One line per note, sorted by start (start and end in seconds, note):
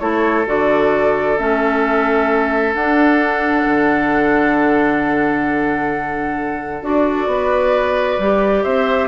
0.00 0.46 A3
0.00 0.46 E4
0.00 7.28 A4
0.00 0.45 C#5
0.46 1.38 D3
0.46 1.37 F#4
0.46 1.38 D5
1.38 2.75 A3
1.38 2.74 C#4
1.38 2.74 E5
2.75 3.65 D4
2.75 6.82 D4
2.75 6.84 F#5
3.66 6.82 D3
6.82 7.27 D4
6.82 8.19 F#4
6.82 8.63 D5
7.27 8.18 B3
7.27 8.63 B4
8.19 8.64 G3
8.19 9.08 G4
8.63 9.08 C4
8.63 9.08 C5
8.63 9.08 E5